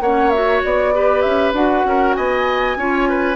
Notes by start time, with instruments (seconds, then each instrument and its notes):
0.00 bassoon A#3, clarinet C#4, oboe C#5, flute F#5
0.30 clarinet F#4, flute E5
0.64 bassoon B3, flute D5
0.94 clarinet G4, oboe B4
1.21 bassoon C#4, flute E5
1.53 bassoon D4, clarinet F#4, flute F#5
1.84 bassoon C#4, oboe A#4
2.14 bassoon B3, oboe D#5, flute G#5
2.76 bassoon C#4, clarinet F4, oboe C#5
3.09 oboe B4